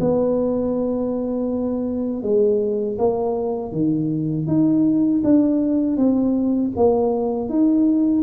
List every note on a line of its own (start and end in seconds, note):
0.00 2.22 B3
2.22 2.97 G#3
2.98 3.72 A#3
3.72 4.47 D#3
4.47 5.22 D#4
5.24 5.97 D4
5.97 6.72 C4
6.76 7.49 A#3
7.49 8.22 D#4